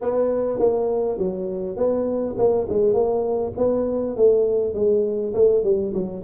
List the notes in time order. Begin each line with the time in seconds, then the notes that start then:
0.01 B3
0.59 A#3
1.18 F#3
1.76 B3
2.38 A#3
2.69 G#3
2.93 A#3
3.57 B3
4.16 A3
4.74 G#3
5.34 A3
5.63 G3
5.93 F#3